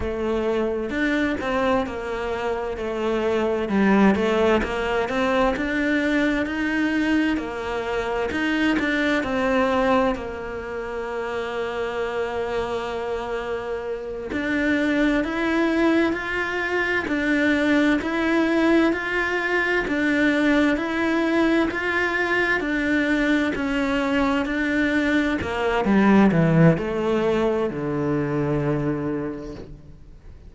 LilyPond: \new Staff \with { instrumentName = "cello" } { \time 4/4 \tempo 4 = 65 a4 d'8 c'8 ais4 a4 | g8 a8 ais8 c'8 d'4 dis'4 | ais4 dis'8 d'8 c'4 ais4~ | ais2.~ ais8 d'8~ |
d'8 e'4 f'4 d'4 e'8~ | e'8 f'4 d'4 e'4 f'8~ | f'8 d'4 cis'4 d'4 ais8 | g8 e8 a4 d2 | }